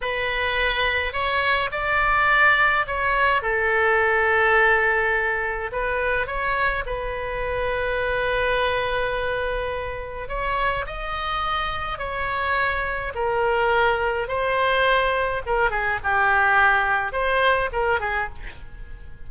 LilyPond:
\new Staff \with { instrumentName = "oboe" } { \time 4/4 \tempo 4 = 105 b'2 cis''4 d''4~ | d''4 cis''4 a'2~ | a'2 b'4 cis''4 | b'1~ |
b'2 cis''4 dis''4~ | dis''4 cis''2 ais'4~ | ais'4 c''2 ais'8 gis'8 | g'2 c''4 ais'8 gis'8 | }